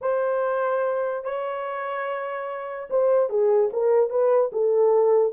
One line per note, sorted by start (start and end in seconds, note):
0.01 1.24 C5
1.24 2.88 C#5
2.90 3.29 C5
3.29 3.70 G#4
3.72 4.09 A#4
4.09 4.51 B4
4.52 5.32 A4